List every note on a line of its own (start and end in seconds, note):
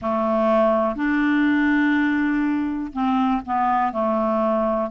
0.01 0.95 A3
0.95 2.92 D4
2.92 3.42 C4
3.45 3.92 B3
3.92 4.90 A3